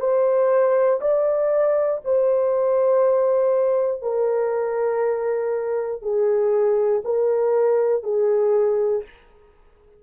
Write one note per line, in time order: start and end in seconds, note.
0.00 1.00 C5
1.01 2.01 D5
2.05 4.02 C5
4.02 6.02 A#4
6.02 7.02 G#4
7.05 8.03 A#4
8.03 9.03 G#4